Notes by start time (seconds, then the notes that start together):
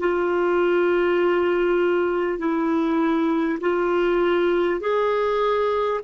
0.00 F4
2.39 E4
3.61 F4
4.81 G#4